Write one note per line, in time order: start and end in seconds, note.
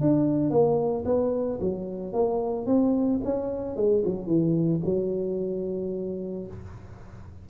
0.00 0.50 D4
0.50 1.04 A#3
1.05 1.59 B3
1.60 2.13 F#3
2.13 2.66 A#3
2.66 3.20 C4
3.24 3.76 C#4
3.76 4.03 G#3
4.04 4.26 F#3
4.26 4.80 E3
4.84 6.46 F#3